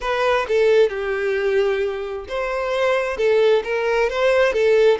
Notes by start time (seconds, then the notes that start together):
0.00 B4
0.48 A4
0.89 G4
2.28 C5
3.17 A4
3.64 A#4
4.09 C5
4.52 A4